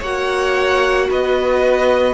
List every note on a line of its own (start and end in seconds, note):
0.00 1.10 A#3
0.00 2.15 F#4
0.00 1.07 C#5
0.00 1.10 F#5
1.10 2.15 B3
1.10 2.15 B4
1.10 2.15 D#5